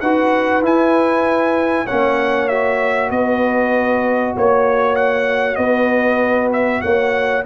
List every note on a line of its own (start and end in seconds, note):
0.00 0.62 D#4
0.00 0.62 F#4
0.00 1.85 B4
0.00 0.62 F#5
0.62 1.86 E4
0.62 1.86 G#5
1.85 3.10 A#3
1.85 2.50 C#4
1.85 3.09 C#5
1.85 2.48 F#5
2.48 7.44 F#4
2.48 3.10 E5
3.10 4.34 B3
3.10 4.35 B4
3.10 4.34 D#5
4.35 5.57 A#3
4.35 5.58 C#5
4.35 4.95 C#5
4.95 5.55 F#5
5.55 6.81 B3
5.55 6.81 B4
5.55 6.48 D#5
6.52 6.81 E5
6.81 7.45 A#3
6.81 7.44 C#5
6.81 7.43 F#5